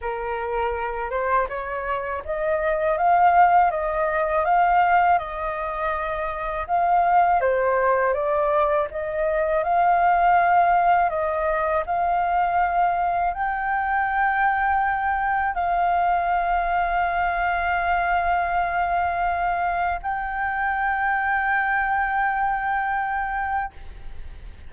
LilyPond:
\new Staff \with { instrumentName = "flute" } { \time 4/4 \tempo 4 = 81 ais'4. c''8 cis''4 dis''4 | f''4 dis''4 f''4 dis''4~ | dis''4 f''4 c''4 d''4 | dis''4 f''2 dis''4 |
f''2 g''2~ | g''4 f''2.~ | f''2. g''4~ | g''1 | }